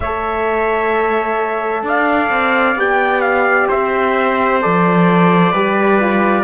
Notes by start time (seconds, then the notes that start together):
0.00 A3 A4 C#5 E5
1.82 D4 D5 F5
2.29 C4
2.75 B3 G4 G5
3.21 F5
3.68 C4 C5 E5
4.61 F3 A4 D5
5.52 G3 G4 B4
6.00 F4